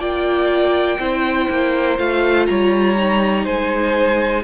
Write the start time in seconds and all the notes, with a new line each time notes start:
0.00 A#3 F4 D5 G5
0.99 C4 E4 C5
1.50 A#3
1.98 A3 F4 F5
2.47 G3 C#5 A#5
2.97 D#4
3.45 G#3 C5 G#5